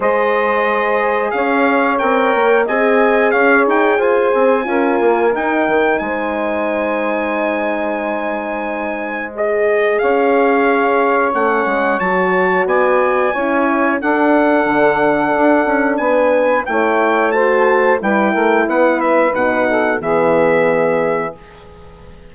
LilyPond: <<
  \new Staff \with { instrumentName = "trumpet" } { \time 4/4 \tempo 4 = 90 dis''2 f''4 g''4 | gis''4 f''8 g''8 gis''2 | g''4 gis''2.~ | gis''2 dis''4 f''4~ |
f''4 fis''4 a''4 gis''4~ | gis''4 fis''2. | gis''4 g''4 a''4 g''4 | fis''8 e''8 fis''4 e''2 | }
  \new Staff \with { instrumentName = "saxophone" } { \time 4/4 c''2 cis''2 | dis''4 cis''4 c''4 ais'4~ | ais'4 c''2.~ | c''2. cis''4~ |
cis''2. d''4 | cis''4 a'2. | b'4 cis''4 c''4 b'8 ais'8 | b'4. a'8 gis'2 | }
  \new Staff \with { instrumentName = "horn" } { \time 4/4 gis'2. ais'4 | gis'2. f'4 | dis'1~ | dis'2 gis'2~ |
gis'4 cis'4 fis'2 | e'4 d'2.~ | d'4 e'4 fis'4 e'4~ | e'4 dis'4 b2 | }
  \new Staff \with { instrumentName = "bassoon" } { \time 4/4 gis2 cis'4 c'8 ais8 | c'4 cis'8 dis'8 f'8 c'8 cis'8 ais8 | dis'8 dis8 gis2.~ | gis2. cis'4~ |
cis'4 a8 gis8 fis4 b4 | cis'4 d'4 d4 d'8 cis'8 | b4 a2 g8 a8 | b4 b,4 e2 | }
>>